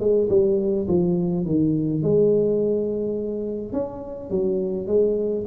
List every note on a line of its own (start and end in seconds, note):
0.00 0.29 G#3
0.30 0.87 G3
0.88 1.46 F3
1.46 2.03 D#3
2.03 3.73 G#3
3.73 4.30 C#4
4.30 4.87 F#3
4.87 5.45 G#3